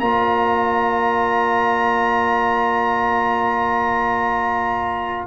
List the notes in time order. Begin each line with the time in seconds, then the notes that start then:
0.00 A#3 F4 D5 A#5